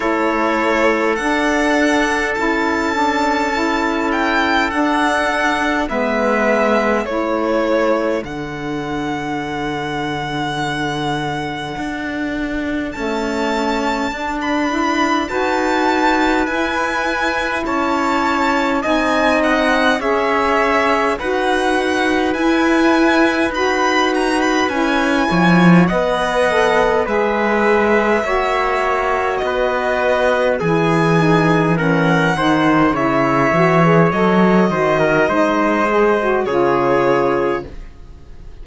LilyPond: <<
  \new Staff \with { instrumentName = "violin" } { \time 4/4 \tempo 4 = 51 cis''4 fis''4 a''4. g''8 | fis''4 e''4 cis''4 fis''4~ | fis''2. a''4~ | a''16 b''8. a''4 gis''4 a''4 |
gis''8 fis''8 e''4 fis''4 gis''4 | b''8 ais''16 b''16 gis''4 fis''4 e''4~ | e''4 dis''4 gis''4 fis''4 | e''4 dis''2 cis''4 | }
  \new Staff \with { instrumentName = "trumpet" } { \time 4/4 a'1~ | a'4 b'4 a'2~ | a'1~ | a'4 b'2 cis''4 |
dis''4 cis''4 b'2~ | b'4. cis''8 dis''4 b'4 | cis''4 b'4 gis'4 ais'8 c''8 | cis''4. c''16 ais'16 c''4 gis'4 | }
  \new Staff \with { instrumentName = "saxophone" } { \time 4/4 e'4 d'4 e'8 d'8 e'4 | d'4 b4 e'4 d'4~ | d'2. a4 | d'8 e'8 fis'4 e'2 |
dis'4 gis'4 fis'4 e'4 | fis'4 e'4 b'8 a'8 gis'4 | fis'2 e'8 dis'8 cis'8 dis'8 | e'8 fis'16 gis'16 a'8 fis'8 dis'8 gis'16 fis'16 f'4 | }
  \new Staff \with { instrumentName = "cello" } { \time 4/4 a4 d'4 cis'2 | d'4 gis4 a4 d4~ | d2 d'4 cis'4 | d'4 dis'4 e'4 cis'4 |
c'4 cis'4 dis'4 e'4 | dis'4 cis'8 f8 b4 gis4 | ais4 b4 e4. dis8 | cis8 e8 fis8 dis8 gis4 cis4 | }
>>